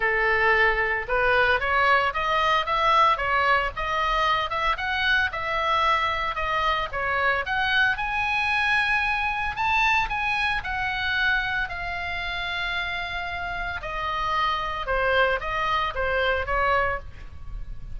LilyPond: \new Staff \with { instrumentName = "oboe" } { \time 4/4 \tempo 4 = 113 a'2 b'4 cis''4 | dis''4 e''4 cis''4 dis''4~ | dis''8 e''8 fis''4 e''2 | dis''4 cis''4 fis''4 gis''4~ |
gis''2 a''4 gis''4 | fis''2 f''2~ | f''2 dis''2 | c''4 dis''4 c''4 cis''4 | }